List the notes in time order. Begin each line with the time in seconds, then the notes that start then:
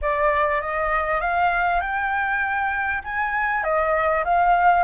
0.01 D5
0.61 D#5
1.20 F5
1.80 G5
3.04 G#5
3.63 D#5
4.24 F5